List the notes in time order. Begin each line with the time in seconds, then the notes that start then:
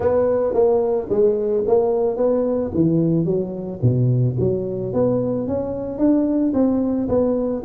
0.00 B3
0.53 A#3
1.09 G#3
1.67 A#3
2.16 B3
2.74 E3
3.25 F#3
3.82 B2
4.39 F#3
4.93 B3
5.47 C#4
5.98 D4
6.53 C4
7.08 B3